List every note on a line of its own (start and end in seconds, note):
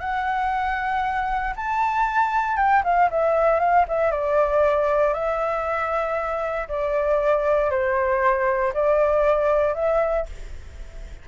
0.00 1.54 F#5
1.56 2.57 A5
2.57 2.83 G5
2.84 3.10 F5
3.11 3.60 E5
3.60 3.85 F5
3.88 4.11 E5
4.11 5.14 D5
5.14 6.68 E5
6.68 7.70 D5
7.70 8.73 C5
8.74 9.75 D5
9.75 10.26 E5